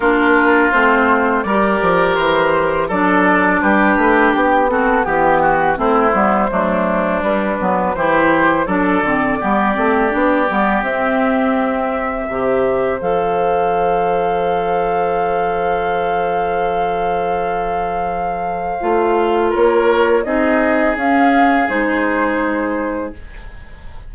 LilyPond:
<<
  \new Staff \with { instrumentName = "flute" } { \time 4/4 \tempo 4 = 83 ais'4 c''4 d''4 c''4 | d''4 b'4 g'8 a'8 g'4 | c''2 b'4 c''4 | d''2. e''4~ |
e''2 f''2~ | f''1~ | f''2. cis''4 | dis''4 f''4 c''2 | }
  \new Staff \with { instrumentName = "oboe" } { \time 4/4 f'2 ais'2 | a'4 g'4. fis'8 g'8 fis'8 | e'4 d'2 g'4 | a'4 g'2.~ |
g'4 c''2.~ | c''1~ | c''2. ais'4 | gis'1 | }
  \new Staff \with { instrumentName = "clarinet" } { \time 4/4 d'4 c'4 g'2 | d'2~ d'8 c'8 b4 | c'8 b8 a4 g8 b8 e'4 | d'8 c'8 b8 c'8 d'8 b8 c'4~ |
c'4 g'4 a'2~ | a'1~ | a'2 f'2 | dis'4 cis'4 dis'2 | }
  \new Staff \with { instrumentName = "bassoon" } { \time 4/4 ais4 a4 g8 f8 e4 | fis4 g8 a8 b4 e4 | a8 g8 fis4 g8 fis8 e4 | fis8 d8 g8 a8 b8 g8 c'4~ |
c'4 c4 f2~ | f1~ | f2 a4 ais4 | c'4 cis'4 gis2 | }
>>